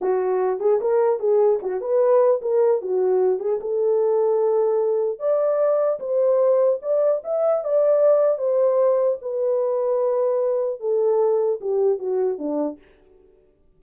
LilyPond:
\new Staff \with { instrumentName = "horn" } { \time 4/4 \tempo 4 = 150 fis'4. gis'8 ais'4 gis'4 | fis'8 b'4. ais'4 fis'4~ | fis'8 gis'8 a'2.~ | a'4 d''2 c''4~ |
c''4 d''4 e''4 d''4~ | d''4 c''2 b'4~ | b'2. a'4~ | a'4 g'4 fis'4 d'4 | }